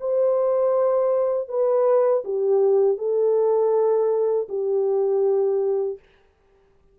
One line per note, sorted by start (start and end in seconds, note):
0.00 1.48 C5
1.48 2.23 B4
2.24 2.97 G4
2.97 4.47 A4
4.49 5.99 G4